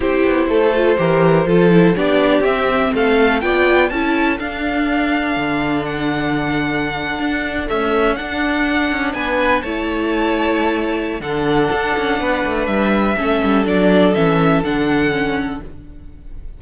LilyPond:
<<
  \new Staff \with { instrumentName = "violin" } { \time 4/4 \tempo 4 = 123 c''1 | d''4 e''4 f''4 g''4 | a''4 f''2. | fis''2.~ fis''8. e''16~ |
e''8. fis''2 gis''4 a''16~ | a''2. fis''4~ | fis''2 e''2 | d''4 e''4 fis''2 | }
  \new Staff \with { instrumentName = "violin" } { \time 4/4 g'4 a'4 ais'4 a'4 | g'2 a'4 d''4 | a'1~ | a'1~ |
a'2~ a'8. b'4 cis''16~ | cis''2. a'4~ | a'4 b'2 a'4~ | a'1 | }
  \new Staff \with { instrumentName = "viola" } { \time 4/4 e'4. f'8 g'4 f'8 e'8 | d'4 c'2 f'4 | e'4 d'2.~ | d'2.~ d'8. a16~ |
a8. d'2. e'16~ | e'2. d'4~ | d'2. cis'4 | d'4 cis'4 d'4 cis'4 | }
  \new Staff \with { instrumentName = "cello" } { \time 4/4 c'8 b8 a4 e4 f4 | b4 c'4 a4 b4 | cis'4 d'2 d4~ | d2~ d8. d'4 cis'16~ |
cis'8. d'4. cis'8 b4 a16~ | a2. d4 | d'8 cis'8 b8 a8 g4 a8 g8 | fis4 e4 d2 | }
>>